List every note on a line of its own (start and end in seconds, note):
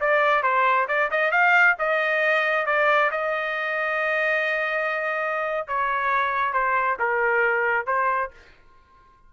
0.00 0.42 D5
0.42 0.87 C5
0.88 1.10 D5
1.11 1.31 D#5
1.31 1.75 F5
1.79 2.66 D#5
2.66 3.10 D5
3.11 5.67 D#5
5.67 6.53 C#5
6.53 6.97 C5
6.99 7.86 A#4
7.86 8.31 C5